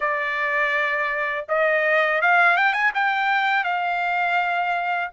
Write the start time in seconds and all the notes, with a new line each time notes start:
0.00 D5
1.48 D#5
2.22 F5
2.56 G5
2.73 G#5
2.94 G5
3.64 F5